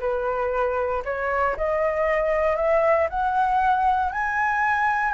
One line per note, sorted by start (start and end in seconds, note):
0.00 1.03 B4
1.05 1.56 C#5
1.57 2.56 D#5
2.56 3.08 E5
3.10 4.12 F#5
4.12 5.13 G#5